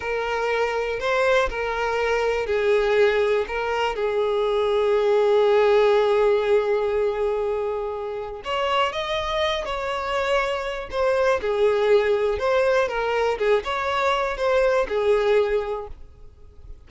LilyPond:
\new Staff \with { instrumentName = "violin" } { \time 4/4 \tempo 4 = 121 ais'2 c''4 ais'4~ | ais'4 gis'2 ais'4 | gis'1~ | gis'1~ |
gis'4 cis''4 dis''4. cis''8~ | cis''2 c''4 gis'4~ | gis'4 c''4 ais'4 gis'8 cis''8~ | cis''4 c''4 gis'2 | }